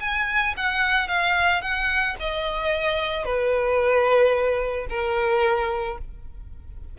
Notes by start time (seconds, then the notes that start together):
0.00 G#5
0.57 F#5
1.08 F5
1.61 F#5
2.19 D#5
3.25 B4
4.90 A#4